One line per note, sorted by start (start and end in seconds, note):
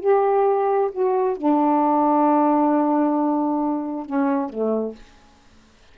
0.00 0.90 G4
0.92 1.37 F#4
1.37 4.06 D4
4.06 4.49 C#4
4.49 4.95 A3